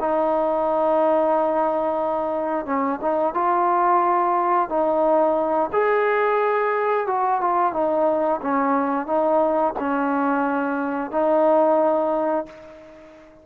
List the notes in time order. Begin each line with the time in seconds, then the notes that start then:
0.00 D#4
2.66 C#4
3.02 D#4
3.34 F4
4.69 D#4
5.73 G#4
7.07 F#4
7.41 F4
7.73 D#4
8.42 C#4
9.07 D#4
9.80 C#4
11.11 D#4